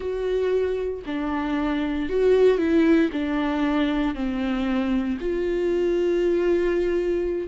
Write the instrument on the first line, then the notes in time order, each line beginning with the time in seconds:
viola
0.00 F#4
1.06 D4
2.09 F#4
2.58 E4
3.12 D4
4.14 C4
5.20 F4